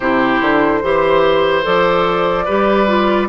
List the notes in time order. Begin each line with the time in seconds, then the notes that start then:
0.00 C3 E4 G4 C5
0.41 D3
0.82 E3 G4 C5
1.62 F3 A4 D5
2.45 G3 G4 B4
2.87 F4